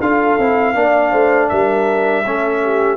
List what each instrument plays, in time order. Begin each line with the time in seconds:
0.00 tuba D4, trombone F4, horn A4, trumpet F5
0.38 tuba C4, trombone E4
0.75 tuba A#3, trombone D4, horn D5
1.12 tuba A3, horn C5
1.49 tuba G3, horn A#4, trumpet E5
2.25 tuba A3, trombone C#4, horn A4
2.63 horn G4